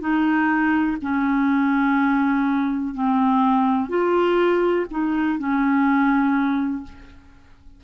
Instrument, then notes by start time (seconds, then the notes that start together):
clarinet
0.00 D#4
1.02 C#4
2.94 C4
3.89 F4
4.90 D#4
5.38 C#4